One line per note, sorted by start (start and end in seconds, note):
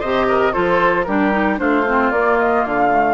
0.00 0.55 C3
0.00 0.54 G4
0.00 0.26 C5
0.00 0.53 D#5
0.29 0.54 A#4
0.53 1.07 F3
0.53 1.06 F4
0.53 1.06 A4
0.53 1.04 C5
1.04 1.60 G3
1.04 1.32 D4
1.04 1.60 G4
1.04 1.57 A#4
1.32 1.58 D#4
1.58 2.11 A3
1.58 1.84 D4
1.58 3.15 F4
1.58 2.11 C5
1.87 2.14 C4
2.11 2.64 A#3
2.11 2.91 A#3
2.11 2.38 D5
2.39 2.65 D#5
2.65 3.15 D3
2.65 3.15 F5
2.91 3.15 A3